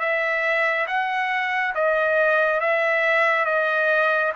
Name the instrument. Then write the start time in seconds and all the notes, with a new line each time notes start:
trumpet
0.00 E5
0.87 F#5
1.75 D#5
2.61 E5
3.46 D#5